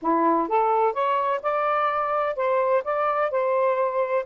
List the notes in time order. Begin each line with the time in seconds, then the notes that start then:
0.02 E4
0.48 A4
0.93 C#5
1.42 D5
2.36 C5
2.83 D5
3.30 C5